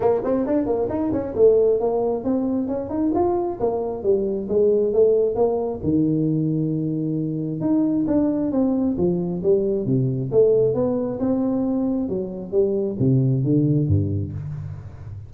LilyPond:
\new Staff \with { instrumentName = "tuba" } { \time 4/4 \tempo 4 = 134 ais8 c'8 d'8 ais8 dis'8 cis'8 a4 | ais4 c'4 cis'8 dis'8 f'4 | ais4 g4 gis4 a4 | ais4 dis2.~ |
dis4 dis'4 d'4 c'4 | f4 g4 c4 a4 | b4 c'2 fis4 | g4 c4 d4 g,4 | }